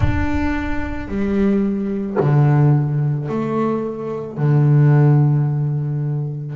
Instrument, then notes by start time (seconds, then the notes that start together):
double bass
0.00 D4
1.08 G3
2.19 D3
3.28 A3
4.37 D3